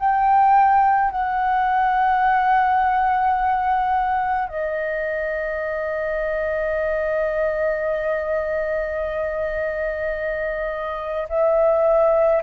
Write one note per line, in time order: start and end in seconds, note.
0.00 1.11 G5
1.11 4.49 F#5
4.49 11.28 D#5
11.29 12.42 E5